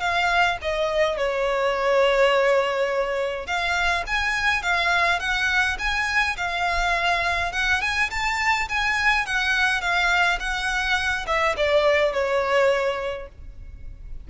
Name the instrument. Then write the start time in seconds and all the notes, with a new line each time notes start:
violin
0.00 F5
0.61 D#5
1.17 C#5
3.46 F5
4.07 G#5
4.62 F5
5.19 F#5
5.78 G#5
6.37 F5
7.52 F#5
7.81 G#5
8.11 A5
8.69 G#5
9.26 F#5
9.81 F5
10.40 F#5
11.27 E5
11.57 D5
12.13 C#5